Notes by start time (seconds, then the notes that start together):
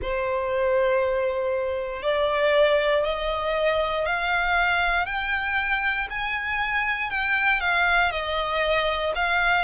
0.01 C5
2.02 D5
3.04 D#5
4.05 F5
5.06 G5
6.10 G#5
7.10 G5
7.60 F5
8.11 D#5
9.15 F5